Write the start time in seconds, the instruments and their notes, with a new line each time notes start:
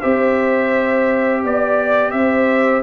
0.00 tuba C4, trombone G4, horn C5, trumpet E5
1.44 tuba B3, horn D5, trumpet D5
2.11 tuba C4, horn C5, trumpet E5